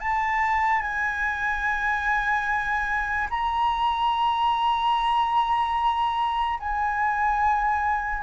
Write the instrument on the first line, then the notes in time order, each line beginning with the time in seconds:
flute
0.00 A5
0.81 G#5
3.30 A#5
6.60 G#5